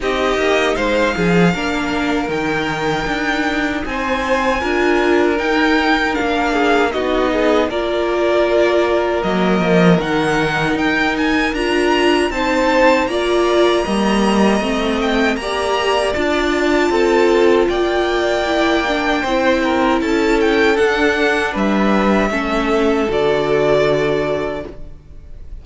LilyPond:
<<
  \new Staff \with { instrumentName = "violin" } { \time 4/4 \tempo 4 = 78 dis''4 f''2 g''4~ | g''4 gis''2 g''4 | f''4 dis''4 d''2 | dis''4 fis''4 g''8 gis''8 ais''4 |
a''4 ais''2~ ais''8 g''8 | ais''4 a''2 g''4~ | g''2 a''8 g''8 fis''4 | e''2 d''2 | }
  \new Staff \with { instrumentName = "violin" } { \time 4/4 g'4 c''8 gis'8 ais'2~ | ais'4 c''4 ais'2~ | ais'8 gis'8 fis'8 gis'8 ais'2~ | ais'1 |
c''4 d''4 dis''2 | d''2 a'4 d''4~ | d''4 c''8 ais'8 a'2 | b'4 a'2. | }
  \new Staff \with { instrumentName = "viola" } { \time 4/4 dis'2 d'4 dis'4~ | dis'2 f'4 dis'4 | d'4 dis'4 f'2 | ais4 dis'2 f'4 |
dis'4 f'4 ais4 c'4 | g'4 f'2. | e'8 d'8 e'2 d'4~ | d'4 cis'4 fis'2 | }
  \new Staff \with { instrumentName = "cello" } { \time 4/4 c'8 ais8 gis8 f8 ais4 dis4 | d'4 c'4 d'4 dis'4 | ais4 b4 ais2 | fis8 f8 dis4 dis'4 d'4 |
c'4 ais4 g4 a4 | ais4 d'4 c'4 ais4~ | ais4 c'4 cis'4 d'4 | g4 a4 d2 | }
>>